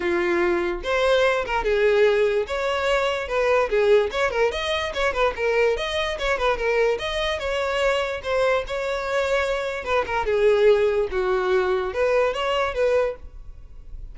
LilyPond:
\new Staff \with { instrumentName = "violin" } { \time 4/4 \tempo 4 = 146 f'2 c''4. ais'8 | gis'2 cis''2 | b'4 gis'4 cis''8 ais'8 dis''4 | cis''8 b'8 ais'4 dis''4 cis''8 b'8 |
ais'4 dis''4 cis''2 | c''4 cis''2. | b'8 ais'8 gis'2 fis'4~ | fis'4 b'4 cis''4 b'4 | }